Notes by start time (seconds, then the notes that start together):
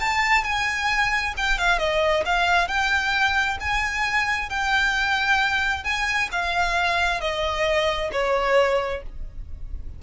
0.00 A5
0.44 G#5
1.37 G5
1.59 F5
1.79 D#5
2.26 F5
2.68 G5
3.60 G#5
4.50 G5
5.84 G#5
6.32 F5
7.21 D#5
8.12 C#5